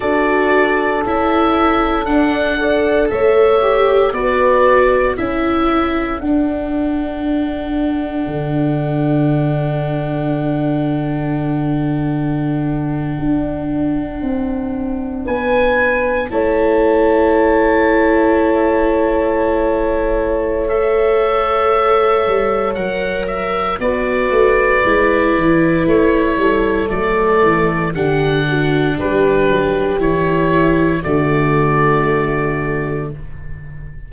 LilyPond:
<<
  \new Staff \with { instrumentName = "oboe" } { \time 4/4 \tempo 4 = 58 d''4 e''4 fis''4 e''4 | d''4 e''4 fis''2~ | fis''1~ | fis''2~ fis''8. gis''4 a''16~ |
a''1 | e''2 fis''8 e''8 d''4~ | d''4 cis''4 d''4 fis''4 | b'4 cis''4 d''2 | }
  \new Staff \with { instrumentName = "horn" } { \time 4/4 a'2~ a'8 d''8 cis''4 | b'4 a'2.~ | a'1~ | a'2~ a'8. b'4 cis''16~ |
cis''1~ | cis''2. b'4~ | b'4. a'4. g'8 fis'8 | g'2 fis'2 | }
  \new Staff \with { instrumentName = "viola" } { \time 4/4 fis'4 e'4 d'8 a'4 g'8 | fis'4 e'4 d'2~ | d'1~ | d'2.~ d'8. e'16~ |
e'1 | a'2 ais'4 fis'4 | e'2 a4 d'4~ | d'4 e'4 a2 | }
  \new Staff \with { instrumentName = "tuba" } { \time 4/4 d'4 cis'4 d'4 a4 | b4 cis'4 d'2 | d1~ | d8. d'4 c'4 b4 a16~ |
a1~ | a4. g8 fis4 b8 a8 | gis8 e8 a8 g8 fis8 e8 d4 | g8 fis8 e4 d2 | }
>>